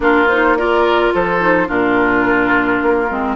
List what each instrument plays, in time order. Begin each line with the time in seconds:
0.00 bassoon A#3, clarinet D4, oboe F4, flute A#4
0.28 clarinet D#4, flute C5
0.57 clarinet F4, oboe A#4, flute D5
1.14 bassoon F3, oboe A4, flute C5
1.40 clarinet D#4
1.66 bassoon A#2, clarinet D4, oboe F4, flute A#4
2.82 bassoon A#3
3.09 bassoon G#3, clarinet C4